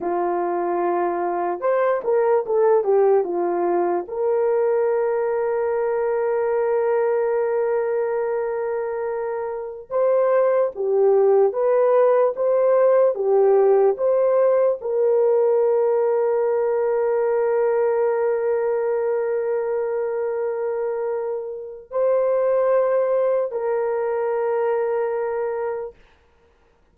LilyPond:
\new Staff \with { instrumentName = "horn" } { \time 4/4 \tempo 4 = 74 f'2 c''8 ais'8 a'8 g'8 | f'4 ais'2.~ | ais'1~ | ais'16 c''4 g'4 b'4 c''8.~ |
c''16 g'4 c''4 ais'4.~ ais'16~ | ais'1~ | ais'2. c''4~ | c''4 ais'2. | }